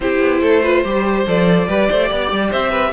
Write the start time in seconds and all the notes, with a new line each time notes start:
0.00 C4 E4 G4 C5
0.20 B3
0.41 A3 A4
0.62 F4 B4
0.84 G3 G4 C5
1.26 F3 A4 D5
1.67 G3 G4 B4
1.88 A3 C5
2.09 B3 D5
2.31 G3
2.50 C4 C5 E5
2.70 B4